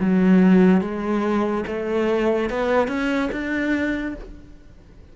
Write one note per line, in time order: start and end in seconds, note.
0.00 0.81 F#3
0.81 1.64 G#3
1.67 2.50 A3
2.50 2.87 B3
2.87 3.29 C#4
3.32 4.15 D4